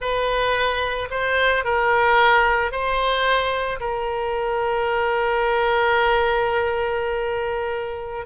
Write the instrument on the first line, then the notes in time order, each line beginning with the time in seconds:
oboe
0.00 B4
1.10 C5
1.64 A#4
2.71 C5
3.80 A#4